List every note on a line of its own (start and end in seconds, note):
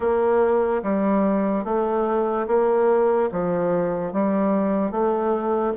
0.00 0.82 A#3
0.83 1.64 G3
1.64 2.46 A3
2.47 3.29 A#3
3.31 4.12 F3
4.12 4.91 G3
4.91 5.73 A3